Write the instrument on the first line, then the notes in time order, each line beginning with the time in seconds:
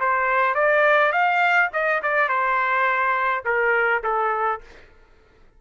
trumpet
0.00 C5
0.55 D5
1.12 F5
1.73 D#5
2.03 D5
2.29 C5
3.45 A#4
4.04 A4